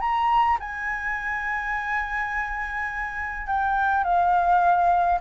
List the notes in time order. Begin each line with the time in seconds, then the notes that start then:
0.00 A#5
0.60 G#5
3.47 G5
4.04 F5